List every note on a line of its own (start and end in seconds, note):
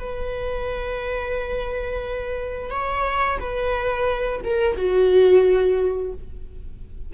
0.00 2.71 B4
2.71 3.39 C#5
3.40 4.42 B4
4.44 4.77 A#4
4.77 6.13 F#4